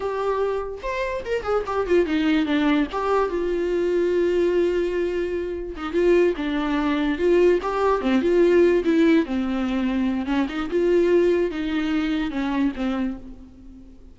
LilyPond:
\new Staff \with { instrumentName = "viola" } { \time 4/4 \tempo 4 = 146 g'2 c''4 ais'8 gis'8 | g'8 f'8 dis'4 d'4 g'4 | f'1~ | f'2 dis'8 f'4 d'8~ |
d'4. f'4 g'4 c'8 | f'4. e'4 c'4.~ | c'4 cis'8 dis'8 f'2 | dis'2 cis'4 c'4 | }